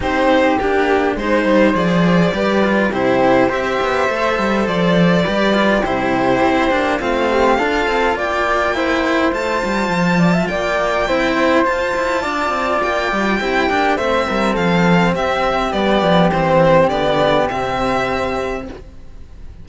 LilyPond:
<<
  \new Staff \with { instrumentName = "violin" } { \time 4/4 \tempo 4 = 103 c''4 g'4 c''4 d''4~ | d''4 c''4 e''2 | d''2 c''2 | f''2 g''2 |
a''2 g''2 | a''2 g''2 | e''4 f''4 e''4 d''4 | c''4 d''4 e''2 | }
  \new Staff \with { instrumentName = "flute" } { \time 4/4 g'2 c''2 | b'4 g'4 c''2~ | c''4 b'4 g'2 | f'8 g'8 a'4 d''4 c''4~ |
c''4. d''16 e''16 d''4 c''4~ | c''4 d''2 g'4 | c''8 ais'8 a'4 g'2~ | g'1 | }
  \new Staff \with { instrumentName = "cello" } { \time 4/4 dis'4 d'4 dis'4 gis'4 | g'8 f'8 e'4 g'4 a'4~ | a'4 g'8 f'8 e'4. d'8 | c'4 f'2 e'4 |
f'2. e'4 | f'2. e'8 d'8 | c'2. b4 | c'4 b4 c'2 | }
  \new Staff \with { instrumentName = "cello" } { \time 4/4 c'4 ais4 gis8 g8 f4 | g4 c4 c'8 b8 a8 g8 | f4 g4 c4 c'8 ais8 | a4 d'8 c'8 ais2 |
a8 g8 f4 ais4 c'4 | f'8 e'8 d'8 c'8 ais8 g8 c'8 ais8 | a8 g8 f4 c'4 g8 f8 | e4 d4 c2 | }
>>